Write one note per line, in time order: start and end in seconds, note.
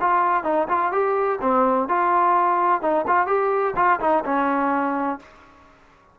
0.00 0.44 F4
0.44 0.67 D#4
0.68 0.92 F4
0.92 1.39 G4
1.41 1.88 C4
1.88 2.82 F4
2.82 3.05 D#4
3.07 3.27 F4
3.27 3.74 G4
3.76 3.99 F4
4.00 4.23 D#4
4.25 5.19 C#4